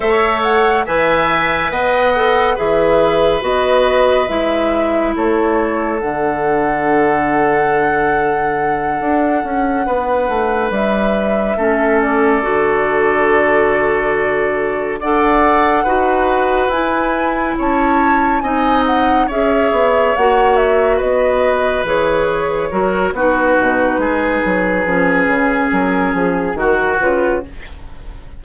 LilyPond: <<
  \new Staff \with { instrumentName = "flute" } { \time 4/4 \tempo 4 = 70 e''8 fis''8 gis''4 fis''4 e''4 | dis''4 e''4 cis''4 fis''4~ | fis''1~ | fis''8 e''4. d''2~ |
d''4. fis''2 gis''8~ | gis''8 a''4 gis''8 fis''8 e''4 fis''8 | e''8 dis''4 cis''4. b'4~ | b'2 ais'8 gis'8 ais'8 b'8 | }
  \new Staff \with { instrumentName = "oboe" } { \time 4/4 cis''4 e''4 dis''4 b'4~ | b'2 a'2~ | a'2.~ a'8 b'8~ | b'4. a'2~ a'8~ |
a'4. d''4 b'4.~ | b'8 cis''4 dis''4 cis''4.~ | cis''8 b'2 ais'8 fis'4 | gis'2. fis'4 | }
  \new Staff \with { instrumentName = "clarinet" } { \time 4/4 a'4 b'4. a'8 gis'4 | fis'4 e'2 d'4~ | d'1~ | d'4. cis'4 fis'4.~ |
fis'4. a'4 fis'4 e'8~ | e'4. dis'4 gis'4 fis'8~ | fis'4. gis'4 fis'8 dis'4~ | dis'4 cis'2 fis'8 f'8 | }
  \new Staff \with { instrumentName = "bassoon" } { \time 4/4 a4 e4 b4 e4 | b4 gis4 a4 d4~ | d2~ d8 d'8 cis'8 b8 | a8 g4 a4 d4.~ |
d4. d'4 dis'4 e'8~ | e'8 cis'4 c'4 cis'8 b8 ais8~ | ais8 b4 e4 fis8 b8 b,8 | gis8 fis8 f8 cis8 fis8 f8 dis8 cis8 | }
>>